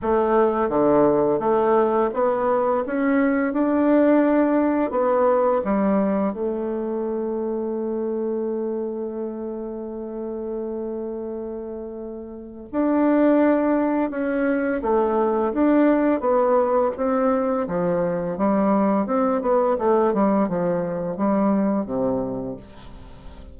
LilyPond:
\new Staff \with { instrumentName = "bassoon" } { \time 4/4 \tempo 4 = 85 a4 d4 a4 b4 | cis'4 d'2 b4 | g4 a2.~ | a1~ |
a2 d'2 | cis'4 a4 d'4 b4 | c'4 f4 g4 c'8 b8 | a8 g8 f4 g4 c4 | }